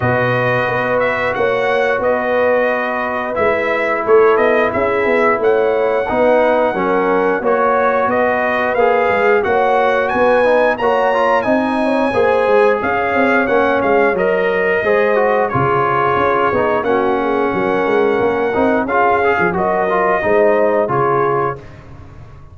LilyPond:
<<
  \new Staff \with { instrumentName = "trumpet" } { \time 4/4 \tempo 4 = 89 dis''4. e''8 fis''4 dis''4~ | dis''4 e''4 cis''8 dis''8 e''4 | fis''2. cis''4 | dis''4 f''4 fis''4 gis''4 |
ais''4 gis''2 f''4 | fis''8 f''8 dis''2 cis''4~ | cis''4 fis''2. | f''4 dis''2 cis''4 | }
  \new Staff \with { instrumentName = "horn" } { \time 4/4 b'2 cis''4 b'4~ | b'2 a'4 gis'4 | cis''4 b'4 ais'4 cis''4 | b'2 cis''4 b'4 |
cis''4 dis''8 cis''8 c''4 cis''4~ | cis''2 c''4 gis'4~ | gis'4 fis'8 gis'8 ais'2 | gis'4 ais'4 c''4 gis'4 | }
  \new Staff \with { instrumentName = "trombone" } { \time 4/4 fis'1~ | fis'4 e'2.~ | e'4 dis'4 cis'4 fis'4~ | fis'4 gis'4 fis'4. dis'8 |
fis'8 f'8 dis'4 gis'2 | cis'4 ais'4 gis'8 fis'8 f'4~ | f'8 dis'8 cis'2~ cis'8 dis'8 | f'8 gis'8 fis'8 f'8 dis'4 f'4 | }
  \new Staff \with { instrumentName = "tuba" } { \time 4/4 b,4 b4 ais4 b4~ | b4 gis4 a8 b8 cis'8 b8 | a4 b4 fis4 ais4 | b4 ais8 gis8 ais4 b4 |
ais4 c'4 ais8 gis8 cis'8 c'8 | ais8 gis8 fis4 gis4 cis4 | cis'8 b8 ais4 fis8 gis8 ais8 c'8 | cis'8. f16 fis4 gis4 cis4 | }
>>